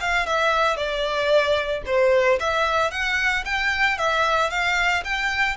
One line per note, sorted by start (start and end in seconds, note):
0.00 0.26 F5
0.26 0.76 E5
0.76 1.82 D5
1.86 2.39 C5
2.40 2.91 E5
2.91 3.44 F#5
3.45 3.98 G5
3.98 4.50 E5
4.50 5.03 F5
5.04 5.57 G5